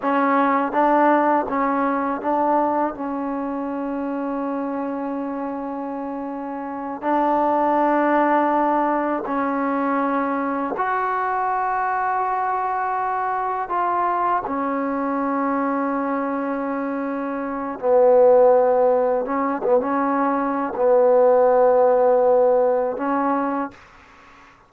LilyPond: \new Staff \with { instrumentName = "trombone" } { \time 4/4 \tempo 4 = 81 cis'4 d'4 cis'4 d'4 | cis'1~ | cis'4. d'2~ d'8~ | d'8 cis'2 fis'4.~ |
fis'2~ fis'8 f'4 cis'8~ | cis'1 | b2 cis'8 b16 cis'4~ cis'16 | b2. cis'4 | }